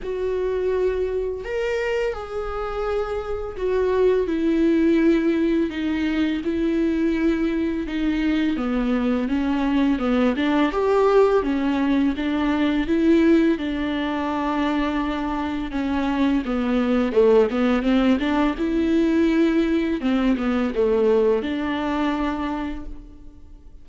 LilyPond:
\new Staff \with { instrumentName = "viola" } { \time 4/4 \tempo 4 = 84 fis'2 ais'4 gis'4~ | gis'4 fis'4 e'2 | dis'4 e'2 dis'4 | b4 cis'4 b8 d'8 g'4 |
cis'4 d'4 e'4 d'4~ | d'2 cis'4 b4 | a8 b8 c'8 d'8 e'2 | c'8 b8 a4 d'2 | }